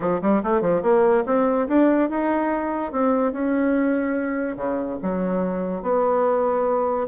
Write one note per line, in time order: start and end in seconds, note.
0.00 0.20 F3
0.21 0.42 G3
0.43 0.61 A3
0.61 0.81 F3
0.82 1.24 A#3
1.26 1.67 C4
1.68 2.09 D4
2.09 2.91 D#4
2.91 3.32 C4
3.32 4.56 C#4
4.56 4.98 C#3
5.02 5.82 F#3
5.82 7.07 B3